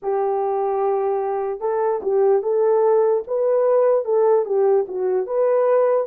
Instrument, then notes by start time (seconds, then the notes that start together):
horn
0.02 G4
1.60 A4
2.02 G4
2.42 A4
3.27 B4
4.04 A4
4.45 G4
4.88 F#4
5.26 B4